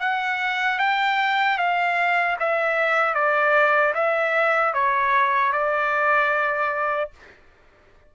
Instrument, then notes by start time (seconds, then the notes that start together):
trumpet
0.00 F#5
0.79 G5
1.58 F5
2.40 E5
3.15 D5
3.95 E5
4.74 C#5
5.53 D5